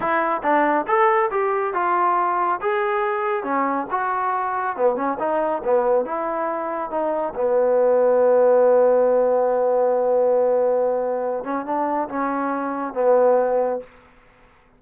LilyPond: \new Staff \with { instrumentName = "trombone" } { \time 4/4 \tempo 4 = 139 e'4 d'4 a'4 g'4 | f'2 gis'2 | cis'4 fis'2 b8 cis'8 | dis'4 b4 e'2 |
dis'4 b2.~ | b1~ | b2~ b8 cis'8 d'4 | cis'2 b2 | }